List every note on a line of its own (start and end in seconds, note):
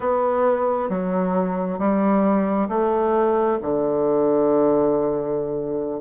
0.00 0.89 B3
0.89 1.78 F#3
1.79 2.68 G3
2.69 3.58 A3
3.61 6.00 D3